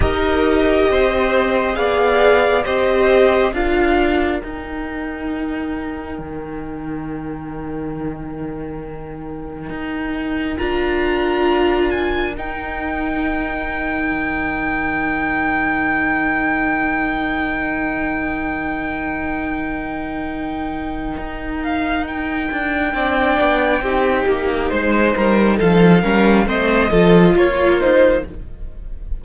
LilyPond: <<
  \new Staff \with { instrumentName = "violin" } { \time 4/4 \tempo 4 = 68 dis''2 f''4 dis''4 | f''4 g''2.~ | g''1 | ais''4. gis''8 g''2~ |
g''1~ | g''1~ | g''8 f''8 g''2. | c''4 f''4 dis''4 cis''8 c''8 | }
  \new Staff \with { instrumentName = "violin" } { \time 4/4 ais'4 c''4 d''4 c''4 | ais'1~ | ais'1~ | ais'1~ |
ais'1~ | ais'1~ | ais'2 d''4 g'4 | c''8 ais'8 a'8 ais'8 c''8 a'8 f'4 | }
  \new Staff \with { instrumentName = "viola" } { \time 4/4 g'2 gis'4 g'4 | f'4 dis'2.~ | dis'1 | f'2 dis'2~ |
dis'1~ | dis'1~ | dis'2 d'4 dis'4~ | dis'4. cis'8 c'8 f'4 dis'8 | }
  \new Staff \with { instrumentName = "cello" } { \time 4/4 dis'4 c'4 b4 c'4 | d'4 dis'2 dis4~ | dis2. dis'4 | d'2 dis'2 |
dis1~ | dis1 | dis'4. d'8 c'8 b8 c'8 ais8 | gis8 g8 f8 g8 a8 f8 ais4 | }
>>